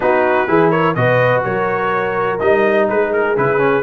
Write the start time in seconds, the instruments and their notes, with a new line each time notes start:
0.00 tuba B3, trombone D#4, horn F#4, trumpet B4
0.47 tuba E3, trombone E4, horn G#4
0.70 horn A#4, trumpet C#5
0.95 tuba B2, trombone F#4, horn B4, trumpet D#5
1.44 tuba F#3, horn A#4, trumpet C#5
2.39 tuba G3, trombone D#4, trumpet D#5
2.89 tuba G#3, horn G#4, trumpet B4
3.12 trumpet A#4
3.36 tuba C#3, trombone E4, trumpet B4
3.58 trombone C#4